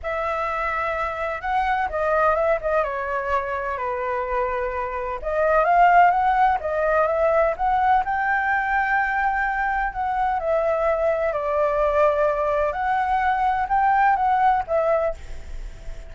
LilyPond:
\new Staff \with { instrumentName = "flute" } { \time 4/4 \tempo 4 = 127 e''2. fis''4 | dis''4 e''8 dis''8 cis''2 | b'2. dis''4 | f''4 fis''4 dis''4 e''4 |
fis''4 g''2.~ | g''4 fis''4 e''2 | d''2. fis''4~ | fis''4 g''4 fis''4 e''4 | }